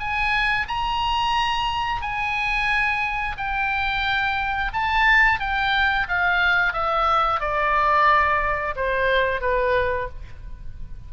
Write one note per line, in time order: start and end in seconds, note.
0.00 0.67 G#5
0.68 2.02 A#5
2.02 3.37 G#5
3.38 4.73 G5
4.73 5.40 A5
5.40 6.08 G5
6.09 6.74 F5
6.74 7.41 E5
7.41 8.75 D5
8.76 9.42 C5
9.42 10.09 B4